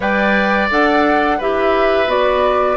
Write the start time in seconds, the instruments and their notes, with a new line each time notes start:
0.00 bassoon G3, clarinet B4, oboe D5, flute G5
0.70 bassoon D4, clarinet A4, flute F#5
1.38 bassoon E4, clarinet G4, oboe B4, flute E5
2.06 bassoon B3, clarinet F#4, flute D5